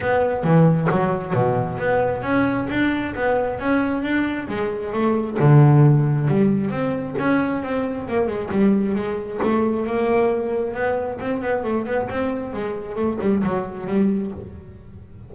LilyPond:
\new Staff \with { instrumentName = "double bass" } { \time 4/4 \tempo 4 = 134 b4 e4 fis4 b,4 | b4 cis'4 d'4 b4 | cis'4 d'4 gis4 a4 | d2 g4 c'4 |
cis'4 c'4 ais8 gis8 g4 | gis4 a4 ais2 | b4 c'8 b8 a8 b8 c'4 | gis4 a8 g8 fis4 g4 | }